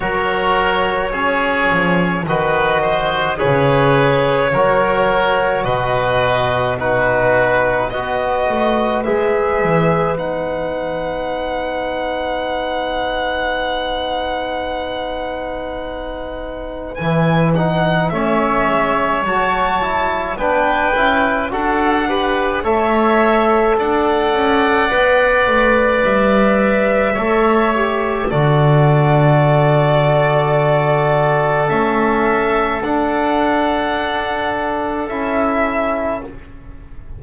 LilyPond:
<<
  \new Staff \with { instrumentName = "violin" } { \time 4/4 \tempo 4 = 53 cis''2 dis''4 cis''4~ | cis''4 dis''4 b'4 dis''4 | e''4 fis''2.~ | fis''2. gis''8 fis''8 |
e''4 a''4 g''4 fis''4 | e''4 fis''2 e''4~ | e''4 d''2. | e''4 fis''2 e''4 | }
  \new Staff \with { instrumentName = "oboe" } { \time 4/4 ais'4 gis'4 b'8 c''8 b'4 | ais'4 b'4 fis'4 b'4~ | b'1~ | b'1 |
cis''2 b'4 a'8 b'8 | cis''4 d''2. | cis''4 a'2.~ | a'1 | }
  \new Staff \with { instrumentName = "trombone" } { \time 4/4 fis'4 cis'4 fis'4 gis'4 | fis'2 dis'4 fis'4 | gis'4 dis'2.~ | dis'2. e'8 dis'8 |
cis'4 fis'8 e'8 d'8 e'8 fis'8 g'8 | a'2 b'2 | a'8 g'8 fis'2. | cis'4 d'2 e'4 | }
  \new Staff \with { instrumentName = "double bass" } { \time 4/4 fis4. f8 dis4 cis4 | fis4 b,2 b8 a8 | gis8 e8 b2.~ | b2. e4 |
a8 gis8 fis4 b8 cis'8 d'4 | a4 d'8 cis'8 b8 a8 g4 | a4 d2. | a4 d'2 cis'4 | }
>>